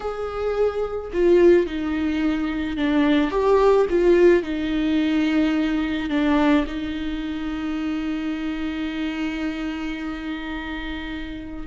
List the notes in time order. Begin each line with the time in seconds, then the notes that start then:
0.00 G#4
1.12 F4
1.66 D#4
2.77 D4
3.31 G4
3.89 F4
4.42 D#4
6.09 D4
6.66 D#4